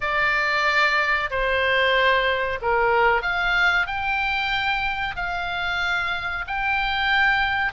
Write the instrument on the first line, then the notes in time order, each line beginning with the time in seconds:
oboe
0.00 D5
1.30 C5
2.61 A#4
3.22 F5
3.86 G5
5.16 F5
6.47 G5